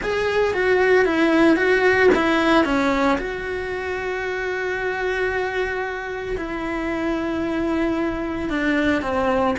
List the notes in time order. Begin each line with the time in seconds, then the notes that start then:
0.02 G#4
0.54 F#4
1.05 E4
1.56 F#4
2.14 E4
2.64 C#4
3.18 F#4
6.37 E4
8.49 D4
9.02 C4